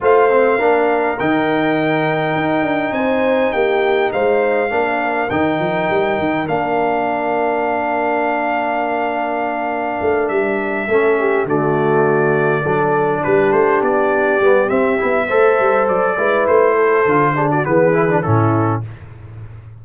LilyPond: <<
  \new Staff \with { instrumentName = "trumpet" } { \time 4/4 \tempo 4 = 102 f''2 g''2~ | g''4 gis''4 g''4 f''4~ | f''4 g''2 f''4~ | f''1~ |
f''4. e''2 d''8~ | d''2~ d''8 b'8 c''8 d''8~ | d''4 e''2 d''4 | c''4.~ c''16 d''16 b'4 a'4 | }
  \new Staff \with { instrumentName = "horn" } { \time 4/4 c''4 ais'2.~ | ais'4 c''4 g'4 c''4 | ais'1~ | ais'1~ |
ais'2~ ais'8 a'8 g'8 fis'8~ | fis'4. a'4 g'4.~ | g'2 c''4. b'8~ | b'8 a'4 gis'16 fis'16 gis'4 e'4 | }
  \new Staff \with { instrumentName = "trombone" } { \time 4/4 f'8 c'8 d'4 dis'2~ | dis'1 | d'4 dis'2 d'4~ | d'1~ |
d'2~ d'8 cis'4 a8~ | a4. d'2~ d'8~ | d'8 b8 c'8 e'8 a'4. e'8~ | e'4 f'8 d'8 b8 e'16 d'16 cis'4 | }
  \new Staff \with { instrumentName = "tuba" } { \time 4/4 a4 ais4 dis2 | dis'8 d'8 c'4 ais4 gis4 | ais4 dis8 f8 g8 dis8 ais4~ | ais1~ |
ais4 a8 g4 a4 d8~ | d4. fis4 g8 a8 b8~ | b8 g8 c'8 b8 a8 g8 fis8 gis8 | a4 d4 e4 a,4 | }
>>